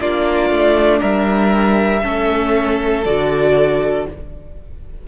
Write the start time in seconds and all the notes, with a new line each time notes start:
0.00 A#3 D4 F4 D5
0.50 A3
1.00 G3 A#4 E5
2.03 A3 C#4 A4
3.05 D3 F#4 D5